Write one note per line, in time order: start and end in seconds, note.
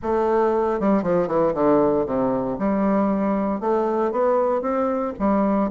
0.02 0.79 A3
0.80 1.03 G3
1.03 1.27 F3
1.27 1.53 E3
1.54 2.05 D3
2.05 2.57 C3
2.59 3.60 G3
3.60 4.11 A3
4.11 4.61 B3
4.61 5.13 C4
5.19 5.70 G3